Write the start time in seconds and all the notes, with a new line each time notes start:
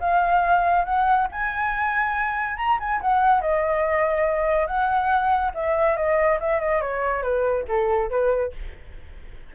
0.00 F5
0.85 F#5
1.32 G#5
2.57 A#5
2.80 G#5
3.01 F#5
3.41 D#5
4.67 F#5
5.55 E5
5.97 D#5
6.40 E5
6.60 D#5
6.81 C#5
7.22 B4
7.68 A4
8.10 B4